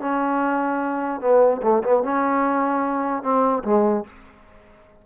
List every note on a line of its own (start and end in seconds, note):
0.00 1.21 C#4
1.21 1.61 B3
1.62 1.83 A3
1.83 2.03 B3
2.03 3.23 C#4
3.23 3.63 C4
3.64 4.04 G#3